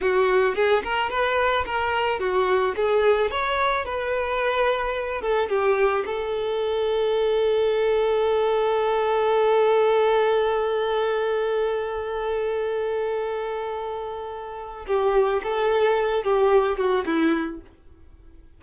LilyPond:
\new Staff \with { instrumentName = "violin" } { \time 4/4 \tempo 4 = 109 fis'4 gis'8 ais'8 b'4 ais'4 | fis'4 gis'4 cis''4 b'4~ | b'4. a'8 g'4 a'4~ | a'1~ |
a'1~ | a'1~ | a'2. g'4 | a'4. g'4 fis'8 e'4 | }